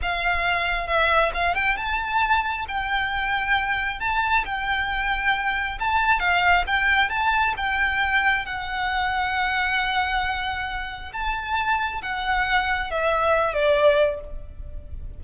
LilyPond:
\new Staff \with { instrumentName = "violin" } { \time 4/4 \tempo 4 = 135 f''2 e''4 f''8 g''8 | a''2 g''2~ | g''4 a''4 g''2~ | g''4 a''4 f''4 g''4 |
a''4 g''2 fis''4~ | fis''1~ | fis''4 a''2 fis''4~ | fis''4 e''4. d''4. | }